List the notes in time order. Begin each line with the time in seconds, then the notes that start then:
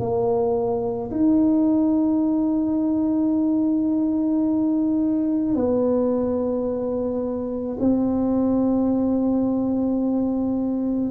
0.00 A#3
1.11 D#4
5.55 B3
7.80 C4